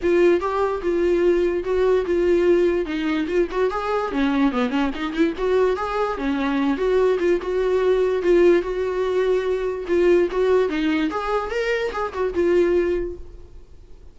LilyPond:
\new Staff \with { instrumentName = "viola" } { \time 4/4 \tempo 4 = 146 f'4 g'4 f'2 | fis'4 f'2 dis'4 | f'8 fis'8 gis'4 cis'4 b8 cis'8 | dis'8 e'8 fis'4 gis'4 cis'4~ |
cis'8 fis'4 f'8 fis'2 | f'4 fis'2. | f'4 fis'4 dis'4 gis'4 | ais'4 gis'8 fis'8 f'2 | }